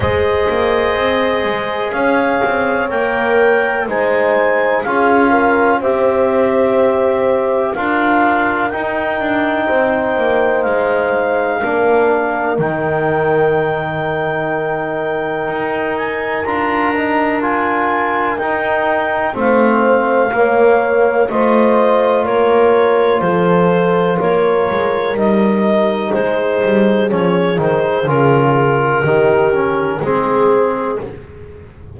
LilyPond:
<<
  \new Staff \with { instrumentName = "clarinet" } { \time 4/4 \tempo 4 = 62 dis''2 f''4 g''4 | gis''4 f''4 e''2 | f''4 g''2 f''4~ | f''4 g''2.~ |
g''8 gis''8 ais''4 gis''4 g''4 | f''2 dis''4 cis''4 | c''4 cis''4 dis''4 c''4 | cis''8 c''8 ais'2 gis'4 | }
  \new Staff \with { instrumentName = "horn" } { \time 4/4 c''2 cis''2 | c''4 gis'8 ais'8 c''2 | ais'2 c''2 | ais'1~ |
ais'1 | c''4 cis''4 c''4 ais'4 | a'4 ais'2 gis'4~ | gis'2 g'4 gis'4 | }
  \new Staff \with { instrumentName = "trombone" } { \time 4/4 gis'2. ais'4 | dis'4 f'4 g'2 | f'4 dis'2. | d'4 dis'2.~ |
dis'4 f'8 dis'8 f'4 dis'4 | c'4 ais4 f'2~ | f'2 dis'2 | cis'8 dis'8 f'4 dis'8 cis'8 c'4 | }
  \new Staff \with { instrumentName = "double bass" } { \time 4/4 gis8 ais8 c'8 gis8 cis'8 c'8 ais4 | gis4 cis'4 c'2 | d'4 dis'8 d'8 c'8 ais8 gis4 | ais4 dis2. |
dis'4 d'2 dis'4 | a4 ais4 a4 ais4 | f4 ais8 gis8 g4 gis8 g8 | f8 dis8 cis4 dis4 gis4 | }
>>